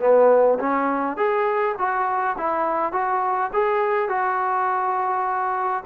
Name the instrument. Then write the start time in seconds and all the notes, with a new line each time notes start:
trombone
0.00 B3
0.59 C#4
1.17 G#4
1.78 F#4
2.38 E4
2.92 F#4
3.53 G#4
4.09 F#4